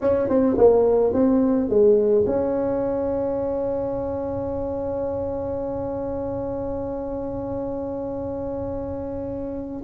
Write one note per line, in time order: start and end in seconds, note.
0.01 0.28 C#4
0.28 0.56 C4
0.57 1.13 A#3
1.13 1.69 C4
1.69 2.25 G#3
2.26 9.83 C#4